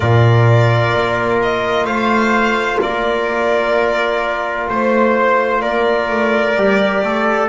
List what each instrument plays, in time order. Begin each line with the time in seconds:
0.00 double bass A#2, trombone F4, trumpet A#4, violin D5
0.94 double bass A#3
1.42 violin D#5
1.84 double bass A3, trumpet C5, violin F5
2.81 double bass A#3, trumpet A#4, violin D5
4.69 double bass A3, trumpet C5, violin C5
5.61 double bass A#3, trumpet A#4, violin D5
6.09 double bass A3
6.55 double bass G3, trombone G4
7.03 double bass A3, trumpet A4